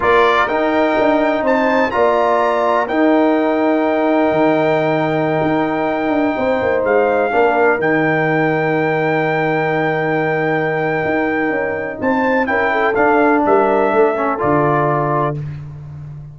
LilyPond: <<
  \new Staff \with { instrumentName = "trumpet" } { \time 4/4 \tempo 4 = 125 d''4 g''2 a''4 | ais''2 g''2~ | g''1~ | g''2~ g''16 f''4.~ f''16~ |
f''16 g''2.~ g''8.~ | g''1~ | g''4 a''4 g''4 f''4 | e''2 d''2 | }
  \new Staff \with { instrumentName = "horn" } { \time 4/4 ais'2. c''4 | d''2 ais'2~ | ais'1~ | ais'4~ ais'16 c''2 ais'8.~ |
ais'1~ | ais'1~ | ais'4 c''4 ais'8 a'4. | ais'4 a'2. | }
  \new Staff \with { instrumentName = "trombone" } { \time 4/4 f'4 dis'2. | f'2 dis'2~ | dis'1~ | dis'2.~ dis'16 d'8.~ |
d'16 dis'2.~ dis'8.~ | dis'1~ | dis'2 e'4 d'4~ | d'4. cis'8 f'2 | }
  \new Staff \with { instrumentName = "tuba" } { \time 4/4 ais4 dis'4 d'4 c'4 | ais2 dis'2~ | dis'4 dis2~ dis16 dis'8.~ | dis'8. d'8 c'8 ais8 gis4 ais8.~ |
ais16 dis2.~ dis8.~ | dis2. dis'4 | cis'4 c'4 cis'4 d'4 | g4 a4 d2 | }
>>